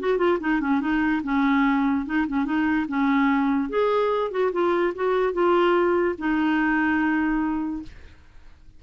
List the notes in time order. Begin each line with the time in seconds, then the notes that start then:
0.00 F#4
0.18 F4
0.40 D#4
0.61 C#4
0.81 D#4
1.24 C#4
2.06 D#4
2.28 C#4
2.45 D#4
2.88 C#4
3.69 G#4
4.31 F#4
4.52 F4
4.95 F#4
5.33 F4
6.18 D#4